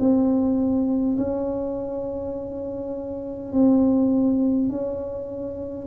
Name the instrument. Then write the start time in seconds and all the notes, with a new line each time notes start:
tuba
0.00 C4
1.18 C#4
3.52 C4
4.70 C#4